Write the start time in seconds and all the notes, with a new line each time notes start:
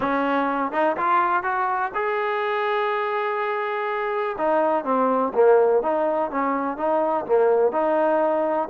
0.00 C#4
0.72 D#4
0.97 F4
1.43 F#4
1.94 G#4
4.38 D#4
4.84 C4
5.34 A#3
5.82 D#4
6.31 C#4
6.77 D#4
7.26 A#3
7.72 D#4